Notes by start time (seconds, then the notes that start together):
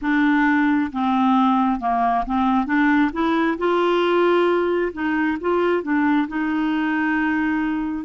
0.01 D4
0.92 C4
1.80 A#3
2.26 C4
2.66 D4
3.13 E4
3.57 F4
4.93 D#4
5.40 F4
5.82 D4
6.27 D#4